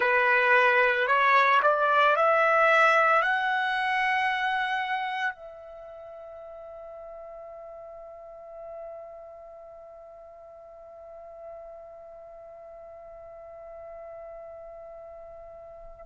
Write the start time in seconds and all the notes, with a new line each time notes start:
0.00 B4
1.07 C#5
1.62 D5
2.16 E5
3.21 F#5
5.34 E5